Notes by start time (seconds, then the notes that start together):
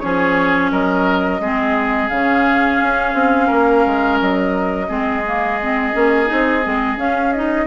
0.00 F3 C#4 G#4 C#5
0.72 F#3 A#4 D#5
1.40 G#3 C4 G#4
2.09 C#3 C#4 F5
2.81 C#4
3.14 C4
3.47 A#3 A#4
3.86 G#3
4.21 F#3 D#5
4.88 G#3 C4 G#4
5.26 A#3
5.62 C4
5.93 A#3 C#4
6.26 C4 D#4
6.64 G#3 C4
6.97 C#4 F5
7.33 D#4 D#5